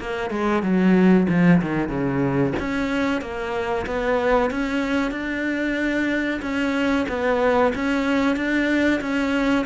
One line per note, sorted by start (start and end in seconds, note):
0.00 0.30 A#3
0.30 0.63 G#3
0.63 1.27 F#3
1.29 1.62 F3
1.62 1.89 D#3
1.89 2.54 C#3
2.60 3.21 C#4
3.21 3.86 A#3
3.86 4.51 B3
4.51 5.12 C#4
5.12 6.41 D4
6.42 7.07 C#4
7.09 7.73 B3
7.75 8.36 C#4
8.36 9.01 D4
9.01 9.66 C#4